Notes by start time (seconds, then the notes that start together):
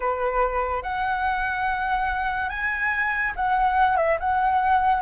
0.00 B4
0.83 F#5
2.49 G#5
3.36 F#5
3.97 E5
4.19 F#5